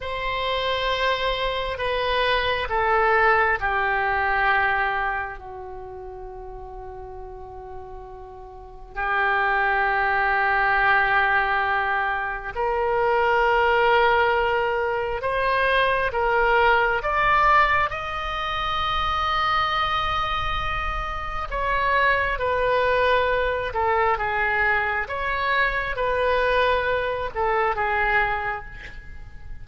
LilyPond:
\new Staff \with { instrumentName = "oboe" } { \time 4/4 \tempo 4 = 67 c''2 b'4 a'4 | g'2 fis'2~ | fis'2 g'2~ | g'2 ais'2~ |
ais'4 c''4 ais'4 d''4 | dis''1 | cis''4 b'4. a'8 gis'4 | cis''4 b'4. a'8 gis'4 | }